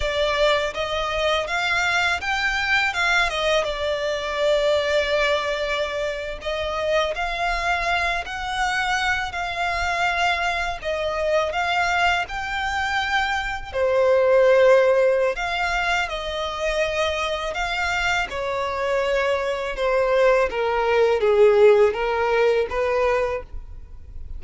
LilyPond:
\new Staff \with { instrumentName = "violin" } { \time 4/4 \tempo 4 = 82 d''4 dis''4 f''4 g''4 | f''8 dis''8 d''2.~ | d''8. dis''4 f''4. fis''8.~ | fis''8. f''2 dis''4 f''16~ |
f''8. g''2 c''4~ c''16~ | c''4 f''4 dis''2 | f''4 cis''2 c''4 | ais'4 gis'4 ais'4 b'4 | }